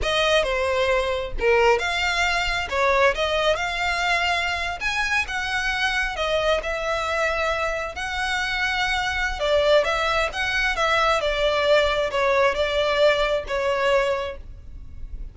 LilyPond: \new Staff \with { instrumentName = "violin" } { \time 4/4 \tempo 4 = 134 dis''4 c''2 ais'4 | f''2 cis''4 dis''4 | f''2~ f''8. gis''4 fis''16~ | fis''4.~ fis''16 dis''4 e''4~ e''16~ |
e''4.~ e''16 fis''2~ fis''16~ | fis''4 d''4 e''4 fis''4 | e''4 d''2 cis''4 | d''2 cis''2 | }